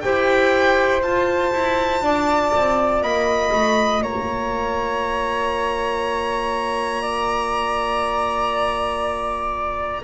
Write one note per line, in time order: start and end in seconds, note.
0.00 1.02 E4
0.00 1.01 G4
0.00 2.04 C5
0.00 1.00 G5
1.01 10.01 F4
1.01 1.52 F4
1.01 3.03 A5
1.53 2.01 E4
2.01 2.51 D4
2.01 3.03 D5
2.56 3.02 C4
3.02 3.52 A#3
3.02 4.03 D#5
3.02 4.03 B5
3.52 4.02 A3
4.02 10.02 A#3
4.02 7.02 C#5
4.02 10.03 A#5
7.02 10.02 D5